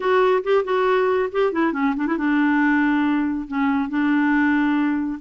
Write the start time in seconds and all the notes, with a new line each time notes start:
0.00 F#4
0.43 G4
0.64 F#4
1.31 G4
1.52 E4
1.73 C#4
1.96 D4
2.06 E4
2.17 D4
3.47 C#4
3.89 D4